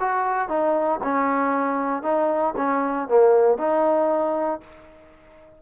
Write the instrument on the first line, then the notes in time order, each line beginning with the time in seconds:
trombone
0.00 F#4
0.49 D#4
1.03 C#4
2.03 D#4
2.57 C#4
3.08 A#3
3.58 D#4